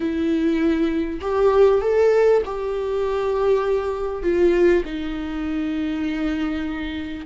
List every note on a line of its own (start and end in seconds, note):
0.00 1.20 E4
1.21 1.81 G4
1.81 2.42 A4
2.45 4.22 G4
4.22 4.83 F4
4.85 7.26 D#4